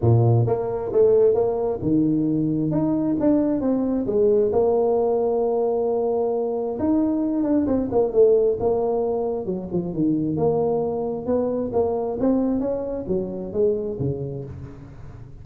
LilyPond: \new Staff \with { instrumentName = "tuba" } { \time 4/4 \tempo 4 = 133 ais,4 ais4 a4 ais4 | dis2 dis'4 d'4 | c'4 gis4 ais2~ | ais2. dis'4~ |
dis'8 d'8 c'8 ais8 a4 ais4~ | ais4 fis8 f8 dis4 ais4~ | ais4 b4 ais4 c'4 | cis'4 fis4 gis4 cis4 | }